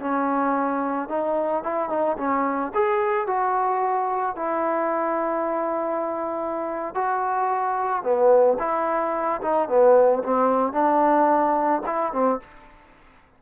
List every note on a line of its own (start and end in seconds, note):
0.00 1.09 C#4
1.09 1.63 D#4
1.63 1.89 E4
1.89 2.16 D#4
2.17 2.72 C#4
2.74 3.27 G#4
3.27 4.35 F#4
4.35 6.94 E4
6.94 8.03 F#4
8.03 8.57 B3
8.59 9.41 E4
9.41 9.68 D#4
9.68 10.23 B3
10.24 10.73 C4
10.73 11.82 D4
11.86 12.12 E4
12.12 12.40 C4